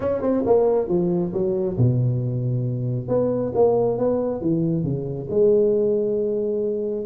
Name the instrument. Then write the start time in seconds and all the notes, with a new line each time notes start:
tuba
0.00 C#4
0.21 C4
0.45 A#3
0.88 F3
1.33 F#3
1.77 B2
3.08 B3
3.54 A#3
3.97 B3
4.41 E3
4.83 C#3
5.30 G#3